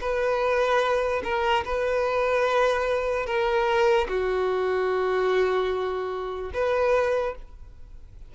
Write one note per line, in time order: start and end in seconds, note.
0.00 1.22 B4
1.23 1.64 A#4
1.65 3.26 B4
3.26 4.07 A#4
4.08 6.51 F#4
6.53 7.35 B4